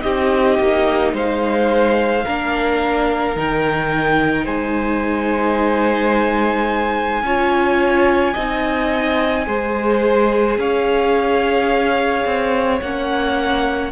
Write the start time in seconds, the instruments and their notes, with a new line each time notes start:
0.00 cello C4, viola D#4, violin G4 D#5
0.59 cello A#3
1.13 cello G#3, violin C5 F5
2.24 cello A#3, viola D4, violin A#4
3.35 cello D#3, viola D#4, violin G5
4.44 cello G#3, violin C5 G#5
7.22 cello C#4, viola F4, violin C#5
8.33 cello C4, viola D#4, violin D#5
9.46 cello G#3, viola G#4, violin C5
10.57 cello C#4, violin C#5 F5
12.25 cello C4
12.81 cello A#3, viola C#4, violin F#5